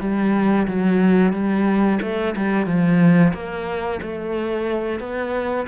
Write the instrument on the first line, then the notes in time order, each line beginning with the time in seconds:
cello
0.00 G3
0.67 F#3
1.32 G3
2.02 A3
2.36 G3
2.66 F3
3.33 A#3
4.02 A3
4.99 B3